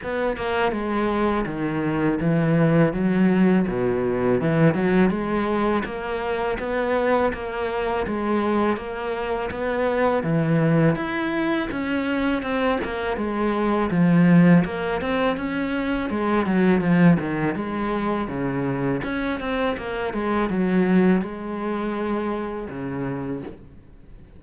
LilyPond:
\new Staff \with { instrumentName = "cello" } { \time 4/4 \tempo 4 = 82 b8 ais8 gis4 dis4 e4 | fis4 b,4 e8 fis8 gis4 | ais4 b4 ais4 gis4 | ais4 b4 e4 e'4 |
cis'4 c'8 ais8 gis4 f4 | ais8 c'8 cis'4 gis8 fis8 f8 dis8 | gis4 cis4 cis'8 c'8 ais8 gis8 | fis4 gis2 cis4 | }